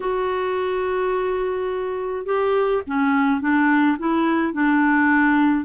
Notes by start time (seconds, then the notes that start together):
0.00 F#4
2.25 G4
2.86 C#4
3.40 D4
3.98 E4
4.53 D4